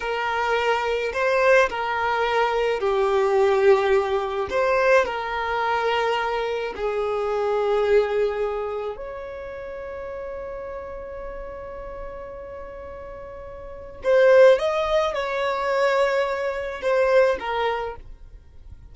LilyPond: \new Staff \with { instrumentName = "violin" } { \time 4/4 \tempo 4 = 107 ais'2 c''4 ais'4~ | ais'4 g'2. | c''4 ais'2. | gis'1 |
cis''1~ | cis''1~ | cis''4 c''4 dis''4 cis''4~ | cis''2 c''4 ais'4 | }